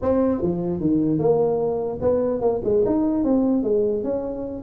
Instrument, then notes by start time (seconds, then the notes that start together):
tuba
0.01 C4
0.41 F3
0.80 D#3
1.18 A#3
2.01 B3
2.41 A#3
2.64 G#3
2.85 D#4
3.24 C4
3.63 G#3
4.03 C#4